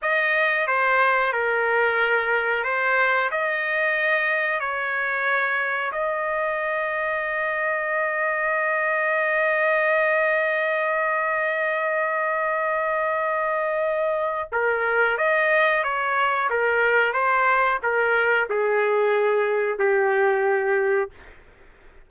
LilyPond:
\new Staff \with { instrumentName = "trumpet" } { \time 4/4 \tempo 4 = 91 dis''4 c''4 ais'2 | c''4 dis''2 cis''4~ | cis''4 dis''2.~ | dis''1~ |
dis''1~ | dis''2 ais'4 dis''4 | cis''4 ais'4 c''4 ais'4 | gis'2 g'2 | }